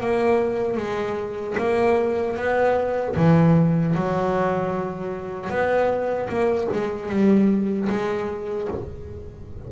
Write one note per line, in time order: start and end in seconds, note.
0.00 0.76 A#3
0.76 1.55 G#3
1.57 2.36 A#3
2.36 3.15 B3
3.16 3.95 E3
3.95 5.49 F#3
5.49 6.28 B3
6.28 6.68 A#3
6.72 7.09 G#3
7.09 7.88 G3
7.89 8.68 G#3